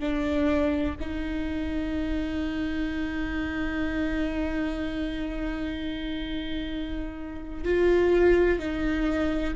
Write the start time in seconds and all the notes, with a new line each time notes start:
0.00 D4
1.00 D#4
7.64 F4
8.59 D#4